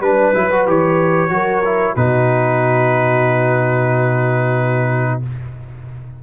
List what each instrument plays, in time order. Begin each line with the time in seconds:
0.00 tuba G3, trombone D4, horn B4, trumpet B4
0.34 tuba F#3, trombone E4
0.51 trombone F#4
0.67 tuba E3, trombone G4, trumpet C#5
1.29 tuba F#3, trombone F#4, horn A#4
1.65 trombone E4
1.95 tuba B2, trombone D#4, horn F#4, trumpet B4